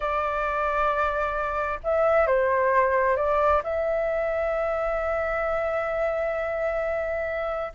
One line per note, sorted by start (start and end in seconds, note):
0.00 1.79 D5
1.83 2.26 E5
2.26 3.16 C5
3.16 3.61 D5
3.63 7.72 E5